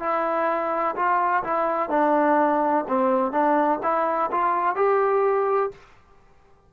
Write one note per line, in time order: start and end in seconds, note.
0.00 0.95 E4
0.96 1.43 F4
1.44 1.90 E4
1.90 2.85 D4
2.88 3.32 C4
3.32 3.79 D4
3.83 4.31 E4
4.32 4.76 F4
4.76 5.71 G4